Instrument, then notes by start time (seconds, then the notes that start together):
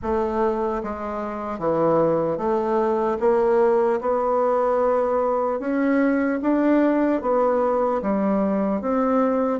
bassoon
0.02 A3
0.83 G#3
1.59 E3
2.37 A3
3.20 A#3
4.00 B3
5.59 C#4
6.41 D4
7.21 B3
8.01 G3
8.81 C4